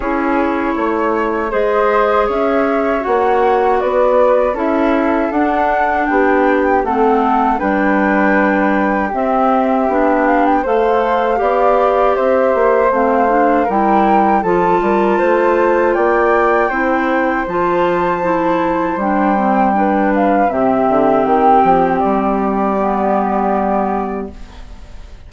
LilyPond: <<
  \new Staff \with { instrumentName = "flute" } { \time 4/4 \tempo 4 = 79 cis''2 dis''4 e''4 | fis''4 d''4 e''4 fis''4 | g''4 fis''4 g''2 | e''4. f''16 g''16 f''2 |
e''4 f''4 g''4 a''4~ | a''4 g''2 a''4~ | a''4 g''4. f''8 e''4 | g''4 d''2. | }
  \new Staff \with { instrumentName = "flute" } { \time 4/4 gis'4 cis''4 c''4 cis''4~ | cis''4 b'4 a'2 | g'4 a'4 b'2 | g'2 c''4 d''4 |
c''2 ais'4 a'8 ais'8 | c''4 d''4 c''2~ | c''2 b'4 g'4~ | g'1 | }
  \new Staff \with { instrumentName = "clarinet" } { \time 4/4 e'2 gis'2 | fis'2 e'4 d'4~ | d'4 c'4 d'2 | c'4 d'4 a'4 g'4~ |
g'4 c'8 d'8 e'4 f'4~ | f'2 e'4 f'4 | e'4 d'8 c'8 d'4 c'4~ | c'2 b2 | }
  \new Staff \with { instrumentName = "bassoon" } { \time 4/4 cis'4 a4 gis4 cis'4 | ais4 b4 cis'4 d'4 | b4 a4 g2 | c'4 b4 a4 b4 |
c'8 ais8 a4 g4 f8 g8 | a4 ais4 c'4 f4~ | f4 g2 c8 d8 | dis8 f8 g2. | }
>>